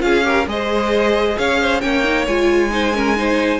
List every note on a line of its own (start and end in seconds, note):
0.00 0.47 C#4
0.00 0.22 F4
0.00 0.26 G#4
0.00 0.47 F5
0.24 0.46 G4
0.24 0.49 A#4
0.47 1.37 G#3
0.47 1.82 G#4
0.47 1.38 C5
0.47 1.38 D#5
1.38 1.83 C#4
1.38 1.61 C#5
1.38 1.81 F5
1.62 1.81 C5
1.81 2.27 A#3
1.81 2.04 C#4
1.81 2.71 C#5
1.81 2.26 G5
2.04 2.27 D#4
2.27 3.60 G#3
2.27 2.71 F4
2.27 3.60 G#5
2.71 2.93 D#4
2.71 2.95 C5
2.95 3.17 C#4
2.95 3.18 A#4
3.17 3.60 D#4
3.17 3.60 C5